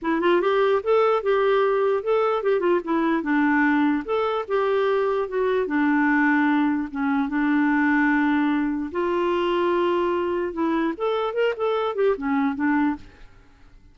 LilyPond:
\new Staff \with { instrumentName = "clarinet" } { \time 4/4 \tempo 4 = 148 e'8 f'8 g'4 a'4 g'4~ | g'4 a'4 g'8 f'8 e'4 | d'2 a'4 g'4~ | g'4 fis'4 d'2~ |
d'4 cis'4 d'2~ | d'2 f'2~ | f'2 e'4 a'4 | ais'8 a'4 g'8 cis'4 d'4 | }